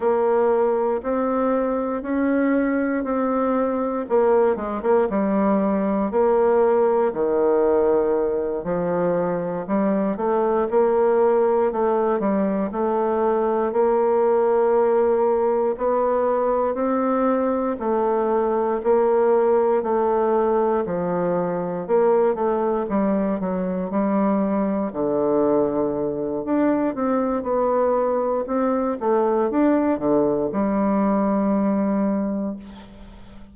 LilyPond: \new Staff \with { instrumentName = "bassoon" } { \time 4/4 \tempo 4 = 59 ais4 c'4 cis'4 c'4 | ais8 gis16 ais16 g4 ais4 dis4~ | dis8 f4 g8 a8 ais4 a8 | g8 a4 ais2 b8~ |
b8 c'4 a4 ais4 a8~ | a8 f4 ais8 a8 g8 fis8 g8~ | g8 d4. d'8 c'8 b4 | c'8 a8 d'8 d8 g2 | }